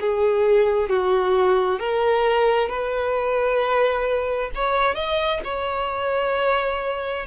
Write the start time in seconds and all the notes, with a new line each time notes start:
0.00 G#4
0.89 F#4
1.79 A#4
2.69 B4
4.55 C#5
4.95 D#5
5.44 C#5